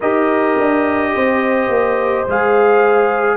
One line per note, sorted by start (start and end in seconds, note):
0.00 0.58 D#4
0.00 2.27 G4
0.00 1.12 A#4
0.00 2.27 D#5
0.58 1.15 D4
1.14 1.68 C4
1.14 3.37 C5
1.68 2.24 A#3
2.27 3.37 G#3
2.27 3.37 G#4
2.27 3.37 F5